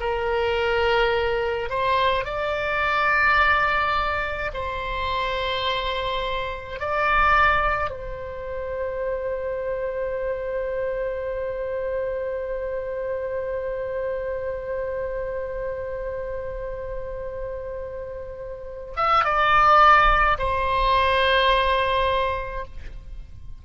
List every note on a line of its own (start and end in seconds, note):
0.00 1.70 A#4
1.70 2.25 C5
2.25 4.51 D5
4.54 6.80 C5
6.80 7.90 D5
7.90 18.94 C5
18.97 19.25 E5
19.25 20.38 D5
20.38 22.65 C5